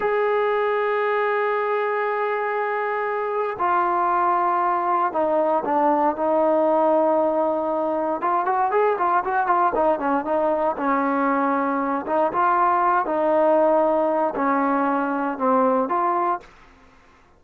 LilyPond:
\new Staff \with { instrumentName = "trombone" } { \time 4/4 \tempo 4 = 117 gis'1~ | gis'2. f'4~ | f'2 dis'4 d'4 | dis'1 |
f'8 fis'8 gis'8 f'8 fis'8 f'8 dis'8 cis'8 | dis'4 cis'2~ cis'8 dis'8 | f'4. dis'2~ dis'8 | cis'2 c'4 f'4 | }